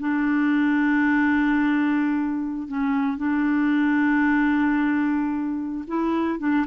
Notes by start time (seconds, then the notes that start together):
0.00 D4
2.68 C#4
3.18 D4
5.88 E4
6.39 D4